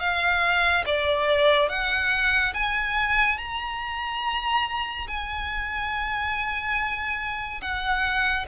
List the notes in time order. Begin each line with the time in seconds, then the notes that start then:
0.00 F5
0.86 D5
1.69 F#5
2.54 G#5
3.38 A#5
5.08 G#5
7.61 F#5